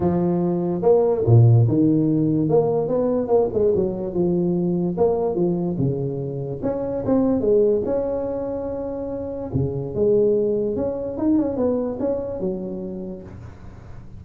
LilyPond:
\new Staff \with { instrumentName = "tuba" } { \time 4/4 \tempo 4 = 145 f2 ais4 ais,4 | dis2 ais4 b4 | ais8 gis8 fis4 f2 | ais4 f4 cis2 |
cis'4 c'4 gis4 cis'4~ | cis'2. cis4 | gis2 cis'4 dis'8 cis'8 | b4 cis'4 fis2 | }